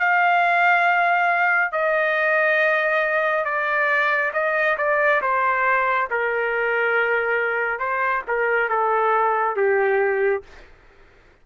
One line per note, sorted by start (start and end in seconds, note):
0.00 1.72 F5
1.72 3.45 D#5
3.45 4.32 D5
4.34 4.77 D#5
4.78 5.22 D5
5.22 6.09 C5
6.11 7.79 A#4
7.79 8.23 C5
8.28 8.70 A#4
8.70 9.57 A4
9.57 10.43 G4